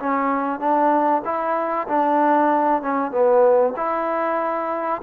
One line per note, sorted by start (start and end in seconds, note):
0.00 0.60 C#4
0.60 1.22 D4
1.25 1.88 E4
1.88 2.82 D4
2.82 3.11 C#4
3.11 3.74 B3
3.77 5.02 E4